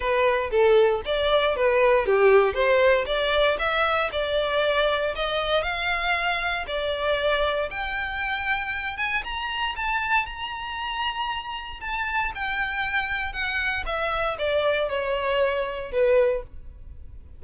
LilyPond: \new Staff \with { instrumentName = "violin" } { \time 4/4 \tempo 4 = 117 b'4 a'4 d''4 b'4 | g'4 c''4 d''4 e''4 | d''2 dis''4 f''4~ | f''4 d''2 g''4~ |
g''4. gis''8 ais''4 a''4 | ais''2. a''4 | g''2 fis''4 e''4 | d''4 cis''2 b'4 | }